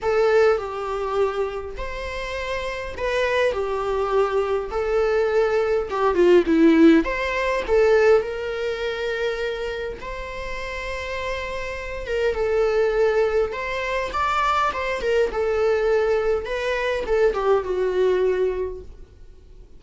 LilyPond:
\new Staff \with { instrumentName = "viola" } { \time 4/4 \tempo 4 = 102 a'4 g'2 c''4~ | c''4 b'4 g'2 | a'2 g'8 f'8 e'4 | c''4 a'4 ais'2~ |
ais'4 c''2.~ | c''8 ais'8 a'2 c''4 | d''4 c''8 ais'8 a'2 | b'4 a'8 g'8 fis'2 | }